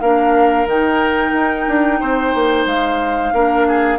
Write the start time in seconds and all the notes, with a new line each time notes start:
0.00 A#3 D4 A#4 F5
0.66 D#3 D#4 G5
1.32 D#4
1.67 D4
2.00 C4 C5
2.34 A#3
2.65 G#3 F5
3.32 A#3 D4 A#4
3.68 G#4